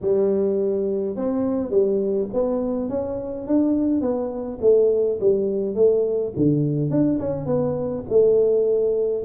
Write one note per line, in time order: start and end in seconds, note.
0.01 1.16 G3
1.16 1.70 C4
1.70 2.28 G3
2.33 2.89 B3
2.89 3.47 C#4
3.47 4.01 D4
4.01 4.58 B3
4.61 5.19 A3
5.20 5.75 G3
5.75 6.33 A3
6.36 6.90 D3
6.90 7.19 D4
7.19 7.46 C#4
7.46 8.03 B3
8.09 9.24 A3